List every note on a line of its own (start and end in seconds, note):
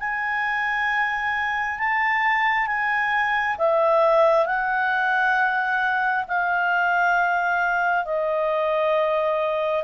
0.00 1.79 G#5
1.79 2.67 A5
2.67 3.57 G#5
3.58 4.46 E5
4.46 6.25 F#5
6.28 8.06 F5
8.06 9.84 D#5